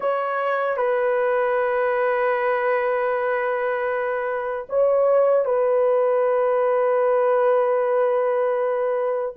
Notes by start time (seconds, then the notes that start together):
0.00 C#5
0.77 B4
4.69 C#5
5.45 B4